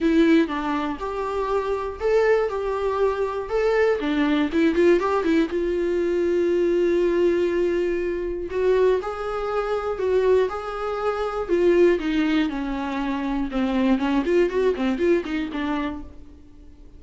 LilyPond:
\new Staff \with { instrumentName = "viola" } { \time 4/4 \tempo 4 = 120 e'4 d'4 g'2 | a'4 g'2 a'4 | d'4 e'8 f'8 g'8 e'8 f'4~ | f'1~ |
f'4 fis'4 gis'2 | fis'4 gis'2 f'4 | dis'4 cis'2 c'4 | cis'8 f'8 fis'8 c'8 f'8 dis'8 d'4 | }